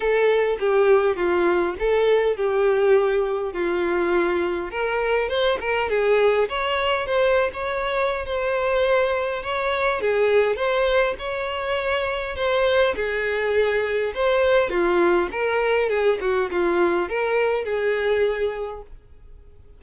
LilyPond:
\new Staff \with { instrumentName = "violin" } { \time 4/4 \tempo 4 = 102 a'4 g'4 f'4 a'4 | g'2 f'2 | ais'4 c''8 ais'8 gis'4 cis''4 | c''8. cis''4~ cis''16 c''2 |
cis''4 gis'4 c''4 cis''4~ | cis''4 c''4 gis'2 | c''4 f'4 ais'4 gis'8 fis'8 | f'4 ais'4 gis'2 | }